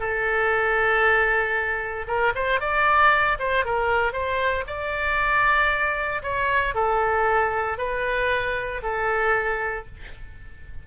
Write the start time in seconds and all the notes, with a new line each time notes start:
0.00 A4
2.08 A#4
2.35 C5
2.61 D5
3.39 C5
3.65 A#4
4.13 C5
4.67 D5
6.23 C#5
6.75 A4
7.78 B4
8.83 A4